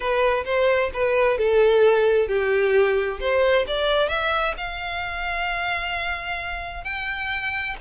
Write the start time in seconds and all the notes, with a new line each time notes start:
0.00 B4
0.45 C5
0.93 B4
1.37 A4
2.28 G4
3.19 C5
3.67 D5
4.08 E5
4.57 F5
6.84 G5